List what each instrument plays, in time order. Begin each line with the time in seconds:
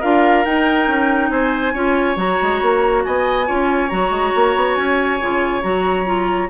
0.00 bassoon D4, clarinet F4, oboe A#4, flute F5
0.45 bassoon D#4, clarinet D#4, flute G5
0.88 bassoon C#4
1.30 bassoon C4, oboe C5, flute G#5
1.74 bassoon C#4, clarinet F4, oboe C#5
2.16 bassoon F#3, clarinet F#4, flute A#5
2.43 bassoon G#3
2.62 bassoon A#3
3.05 bassoon B3, oboe D#5, flute G#5
3.46 bassoon C#4, clarinet F4, oboe C#5
3.89 bassoon F#3, clarinet F#4, flute A#5
4.10 bassoon G#3
4.36 bassoon A#3
4.56 bassoon B3
4.75 bassoon C#4, flute G#5
5.21 bassoon C#3, clarinet F4
5.62 bassoon F#3, clarinet F#4, flute A#5
6.05 clarinet F4